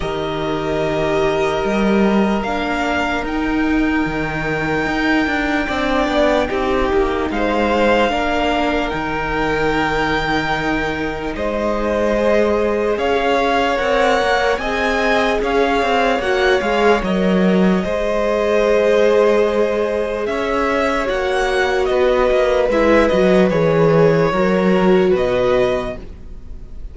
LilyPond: <<
  \new Staff \with { instrumentName = "violin" } { \time 4/4 \tempo 4 = 74 dis''2. f''4 | g''1~ | g''4 f''2 g''4~ | g''2 dis''2 |
f''4 fis''4 gis''4 f''4 | fis''8 f''8 dis''2.~ | dis''4 e''4 fis''4 dis''4 | e''8 dis''8 cis''2 dis''4 | }
  \new Staff \with { instrumentName = "violin" } { \time 4/4 ais'1~ | ais'2. d''4 | g'4 c''4 ais'2~ | ais'2 c''2 |
cis''2 dis''4 cis''4~ | cis''2 c''2~ | c''4 cis''2 b'4~ | b'2 ais'4 b'4 | }
  \new Staff \with { instrumentName = "viola" } { \time 4/4 g'2. d'4 | dis'2. d'4 | dis'2 d'4 dis'4~ | dis'2. gis'4~ |
gis'4 ais'4 gis'2 | fis'8 gis'8 ais'4 gis'2~ | gis'2 fis'2 | e'8 fis'8 gis'4 fis'2 | }
  \new Staff \with { instrumentName = "cello" } { \time 4/4 dis2 g4 ais4 | dis'4 dis4 dis'8 d'8 c'8 b8 | c'8 ais8 gis4 ais4 dis4~ | dis2 gis2 |
cis'4 c'8 ais8 c'4 cis'8 c'8 | ais8 gis8 fis4 gis2~ | gis4 cis'4 ais4 b8 ais8 | gis8 fis8 e4 fis4 b,4 | }
>>